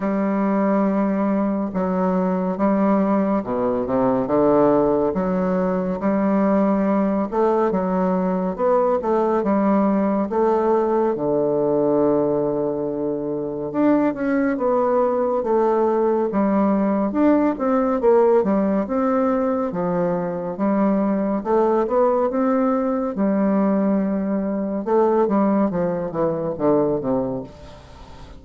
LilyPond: \new Staff \with { instrumentName = "bassoon" } { \time 4/4 \tempo 4 = 70 g2 fis4 g4 | b,8 c8 d4 fis4 g4~ | g8 a8 fis4 b8 a8 g4 | a4 d2. |
d'8 cis'8 b4 a4 g4 | d'8 c'8 ais8 g8 c'4 f4 | g4 a8 b8 c'4 g4~ | g4 a8 g8 f8 e8 d8 c8 | }